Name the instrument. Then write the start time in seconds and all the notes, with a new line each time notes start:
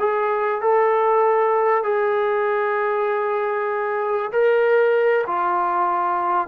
trombone
0.00 G#4
0.61 A4
1.84 G#4
4.32 A#4
5.27 F4